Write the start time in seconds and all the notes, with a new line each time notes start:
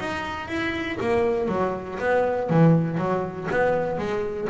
0.00 D#4
0.48 E4
1.01 A#3
1.49 F#3
2.00 B3
2.50 E3
2.98 F#3
3.51 B3
3.99 G#3